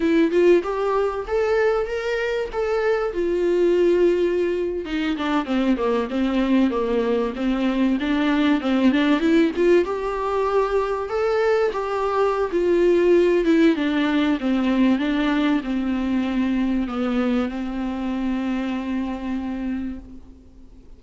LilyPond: \new Staff \with { instrumentName = "viola" } { \time 4/4 \tempo 4 = 96 e'8 f'8 g'4 a'4 ais'4 | a'4 f'2~ f'8. dis'16~ | dis'16 d'8 c'8 ais8 c'4 ais4 c'16~ | c'8. d'4 c'8 d'8 e'8 f'8 g'16~ |
g'4.~ g'16 a'4 g'4~ g'16 | f'4. e'8 d'4 c'4 | d'4 c'2 b4 | c'1 | }